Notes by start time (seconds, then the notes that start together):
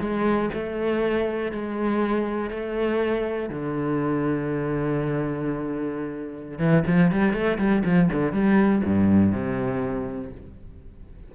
0.00 G#3
0.53 A3
1.51 G#3
2.50 A3
3.49 D3
6.58 E3
6.86 F3
7.11 G3
7.33 A3
7.58 G3
7.84 F3
8.12 D3
8.32 G3
8.84 G2
9.32 C3